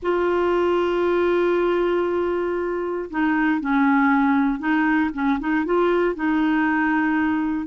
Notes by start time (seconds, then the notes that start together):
0.02 F4
3.10 D#4
3.60 C#4
4.59 D#4
5.13 C#4
5.39 D#4
5.65 F4
6.15 D#4